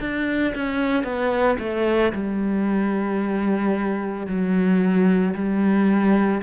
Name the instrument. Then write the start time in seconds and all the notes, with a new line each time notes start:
cello
0.00 D4
0.55 C#4
1.04 B3
1.59 A3
2.13 G3
4.27 F#3
5.35 G3